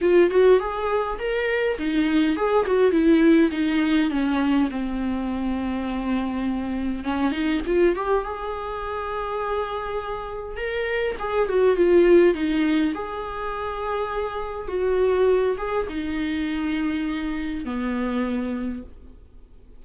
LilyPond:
\new Staff \with { instrumentName = "viola" } { \time 4/4 \tempo 4 = 102 f'8 fis'8 gis'4 ais'4 dis'4 | gis'8 fis'8 e'4 dis'4 cis'4 | c'1 | cis'8 dis'8 f'8 g'8 gis'2~ |
gis'2 ais'4 gis'8 fis'8 | f'4 dis'4 gis'2~ | gis'4 fis'4. gis'8 dis'4~ | dis'2 b2 | }